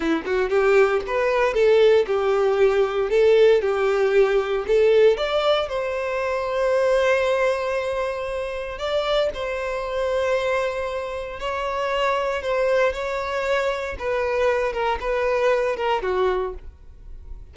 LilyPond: \new Staff \with { instrumentName = "violin" } { \time 4/4 \tempo 4 = 116 e'8 fis'8 g'4 b'4 a'4 | g'2 a'4 g'4~ | g'4 a'4 d''4 c''4~ | c''1~ |
c''4 d''4 c''2~ | c''2 cis''2 | c''4 cis''2 b'4~ | b'8 ais'8 b'4. ais'8 fis'4 | }